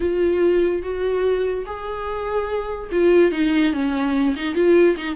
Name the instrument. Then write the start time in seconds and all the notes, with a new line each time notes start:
viola
0.00 F4
0.82 F#4
1.66 G#4
2.91 F4
3.31 D#4
3.73 C#4
4.36 D#4
4.54 F4
4.97 D#4